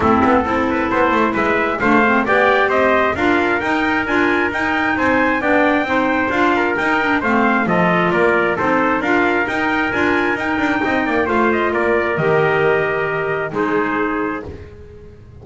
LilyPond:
<<
  \new Staff \with { instrumentName = "trumpet" } { \time 4/4 \tempo 4 = 133 a'2. e''4 | f''4 g''4 dis''4 f''4 | g''4 gis''4 g''4 gis''4 | g''2 f''4 g''4 |
f''4 dis''4 d''4 c''4 | f''4 g''4 gis''4 g''4~ | g''4 f''8 dis''8 d''4 dis''4~ | dis''2 c''2 | }
  \new Staff \with { instrumentName = "trumpet" } { \time 4/4 e'4 a'8 b'8 c''4 b'4 | c''4 d''4 c''4 ais'4~ | ais'2. c''4 | d''4 c''4. ais'4. |
c''4 a'4 ais'4 a'4 | ais'1 | dis''8 d''8 c''4 ais'2~ | ais'2 gis'2 | }
  \new Staff \with { instrumentName = "clarinet" } { \time 4/4 c'4 e'2. | d'8 c'8 g'2 f'4 | dis'4 f'4 dis'2 | d'4 dis'4 f'4 dis'8 d'8 |
c'4 f'2 dis'4 | f'4 dis'4 f'4 dis'4~ | dis'4 f'2 g'4~ | g'2 dis'2 | }
  \new Staff \with { instrumentName = "double bass" } { \time 4/4 a8 b8 c'4 b8 a8 gis4 | a4 b4 c'4 d'4 | dis'4 d'4 dis'4 c'4 | b4 c'4 d'4 dis'4 |
a4 f4 ais4 c'4 | d'4 dis'4 d'4 dis'8 d'8 | c'8 ais8 a4 ais4 dis4~ | dis2 gis2 | }
>>